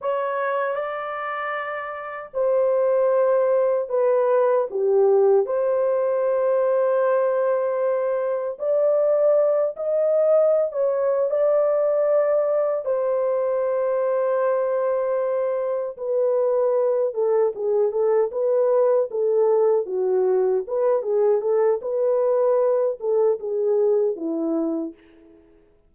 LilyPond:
\new Staff \with { instrumentName = "horn" } { \time 4/4 \tempo 4 = 77 cis''4 d''2 c''4~ | c''4 b'4 g'4 c''4~ | c''2. d''4~ | d''8 dis''4~ dis''16 cis''8. d''4.~ |
d''8 c''2.~ c''8~ | c''8 b'4. a'8 gis'8 a'8 b'8~ | b'8 a'4 fis'4 b'8 gis'8 a'8 | b'4. a'8 gis'4 e'4 | }